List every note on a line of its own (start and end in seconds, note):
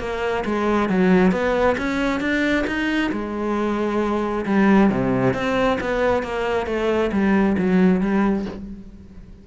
0.00 0.44 A#3
0.45 0.89 G#3
0.89 1.32 F#3
1.32 1.77 B3
1.78 2.21 C#4
2.21 2.65 D4
2.67 3.12 D#4
3.12 4.46 G#3
4.46 4.90 G3
4.90 5.34 C3
5.34 5.79 C4
5.81 6.23 B3
6.23 6.67 A#3
6.67 7.11 A3
7.12 7.57 G3
7.58 8.01 F#3
8.01 8.46 G3